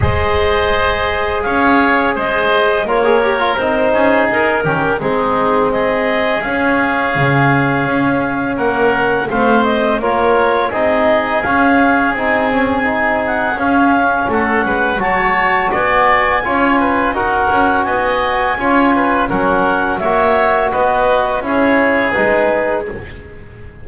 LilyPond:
<<
  \new Staff \with { instrumentName = "clarinet" } { \time 4/4 \tempo 4 = 84 dis''2 f''4 dis''4 | cis''4 c''4 ais'4 gis'4 | dis''4 f''2. | fis''4 f''8 dis''8 cis''4 dis''4 |
f''4 gis''4. fis''8 f''4 | fis''4 a''4 gis''2 | fis''4 gis''2 fis''4 | e''4 dis''4 cis''4 b'4 | }
  \new Staff \with { instrumentName = "oboe" } { \time 4/4 c''2 cis''4 c''4 | ais'4. gis'4 g'8 dis'4 | gis'1 | ais'4 c''4 ais'4 gis'4~ |
gis'1 | a'8 b'8 cis''4 d''4 cis''8 b'8 | ais'4 dis''4 cis''8 b'8 ais'4 | cis''4 b'4 gis'2 | }
  \new Staff \with { instrumentName = "trombone" } { \time 4/4 gis'1 | f'16 gis'16 g'16 f'16 dis'4. cis'8 c'4~ | c'4 cis'2.~ | cis'4 c'4 f'4 dis'4 |
cis'4 dis'8 cis'8 dis'4 cis'4~ | cis'4 fis'2 f'4 | fis'2 f'4 cis'4 | fis'2 e'4 dis'4 | }
  \new Staff \with { instrumentName = "double bass" } { \time 4/4 gis2 cis'4 gis4 | ais4 c'8 cis'8 dis'8 dis8 gis4~ | gis4 cis'4 cis4 cis'4 | ais4 a4 ais4 c'4 |
cis'4 c'2 cis'4 | a8 gis8 fis4 b4 cis'4 | dis'8 cis'8 b4 cis'4 fis4 | ais4 b4 cis'4 gis4 | }
>>